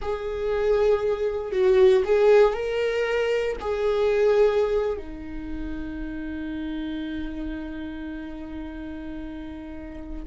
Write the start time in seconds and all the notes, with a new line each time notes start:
0.01 G#4
1.52 F#4
2.05 G#4
2.53 A#4
3.60 G#4
4.97 D#4